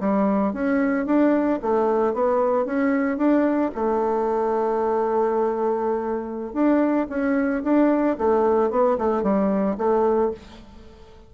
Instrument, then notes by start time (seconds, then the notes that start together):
bassoon
0.00 G3
0.53 C#4
1.06 D4
1.62 A3
2.14 B3
2.65 C#4
3.18 D4
3.75 A3
6.53 D4
7.09 C#4
7.63 D4
8.18 A3
8.70 B3
8.98 A3
9.23 G3
9.77 A3